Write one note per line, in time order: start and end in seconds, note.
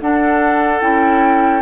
0.00 0.81 D4
0.00 1.62 A4
0.00 0.81 F#5
0.81 1.62 C#4
0.81 1.62 E4
0.81 1.62 G5